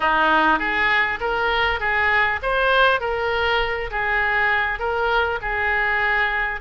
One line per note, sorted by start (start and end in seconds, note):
0.00 0.59 D#4
0.59 1.19 G#4
1.20 1.80 A#4
1.80 2.40 G#4
2.42 3.00 C5
3.00 3.90 A#4
3.90 4.79 G#4
4.79 5.39 A#4
5.41 6.60 G#4